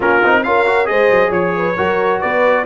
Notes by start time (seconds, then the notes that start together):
0.00 A#3 C#4 F4 A#4
0.23 C4 D#4
0.43 C#4 F4 A#4 F5
0.65 F#4
0.85 G#3 G#4 C5 D#5
1.10 F#3
1.29 F3 C#5
1.56 B4
1.77 F#3 F#4 A#4
2.20 B3 B4 D5